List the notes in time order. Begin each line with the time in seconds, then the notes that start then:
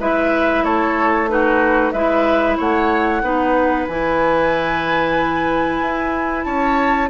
0.00 G#3 E4 B4 E5
0.64 A3 A4 C#5
1.29 D#4 F#4 B4
1.92 G#3 E4 B4 E5
2.58 A3 C#5 F#5
3.23 B3 D#4 B4
3.89 E3 E4 G#5
5.82 E4
6.44 C#4 C#5 A5